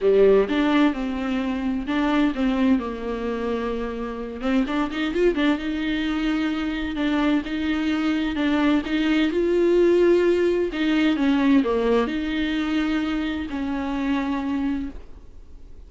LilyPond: \new Staff \with { instrumentName = "viola" } { \time 4/4 \tempo 4 = 129 g4 d'4 c'2 | d'4 c'4 ais2~ | ais4. c'8 d'8 dis'8 f'8 d'8 | dis'2. d'4 |
dis'2 d'4 dis'4 | f'2. dis'4 | cis'4 ais4 dis'2~ | dis'4 cis'2. | }